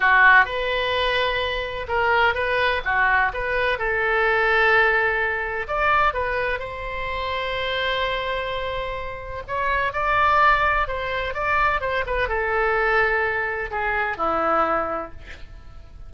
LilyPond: \new Staff \with { instrumentName = "oboe" } { \time 4/4 \tempo 4 = 127 fis'4 b'2. | ais'4 b'4 fis'4 b'4 | a'1 | d''4 b'4 c''2~ |
c''1 | cis''4 d''2 c''4 | d''4 c''8 b'8 a'2~ | a'4 gis'4 e'2 | }